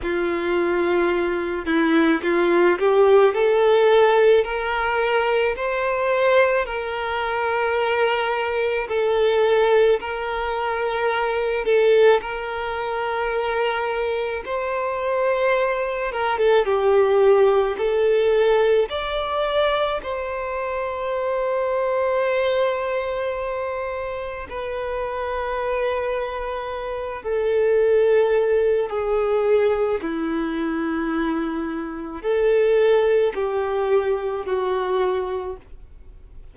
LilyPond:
\new Staff \with { instrumentName = "violin" } { \time 4/4 \tempo 4 = 54 f'4. e'8 f'8 g'8 a'4 | ais'4 c''4 ais'2 | a'4 ais'4. a'8 ais'4~ | ais'4 c''4. ais'16 a'16 g'4 |
a'4 d''4 c''2~ | c''2 b'2~ | b'8 a'4. gis'4 e'4~ | e'4 a'4 g'4 fis'4 | }